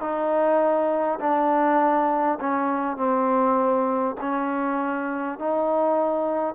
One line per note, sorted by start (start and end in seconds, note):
0.00 1.19 D#4
1.20 2.38 D4
2.40 2.96 C#4
2.96 4.15 C4
4.21 5.38 C#4
5.38 6.54 D#4